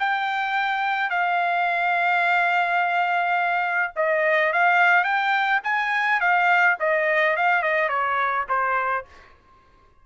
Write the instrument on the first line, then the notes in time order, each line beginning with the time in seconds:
trumpet
0.00 G5
1.10 F5
3.96 D#5
4.53 F5
5.04 G5
5.64 G#5
6.21 F5
6.80 D#5
7.37 F5
7.63 D#5
7.89 C#5
8.49 C5